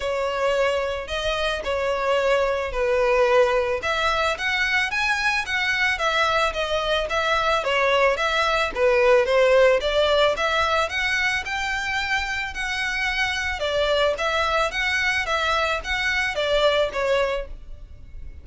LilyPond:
\new Staff \with { instrumentName = "violin" } { \time 4/4 \tempo 4 = 110 cis''2 dis''4 cis''4~ | cis''4 b'2 e''4 | fis''4 gis''4 fis''4 e''4 | dis''4 e''4 cis''4 e''4 |
b'4 c''4 d''4 e''4 | fis''4 g''2 fis''4~ | fis''4 d''4 e''4 fis''4 | e''4 fis''4 d''4 cis''4 | }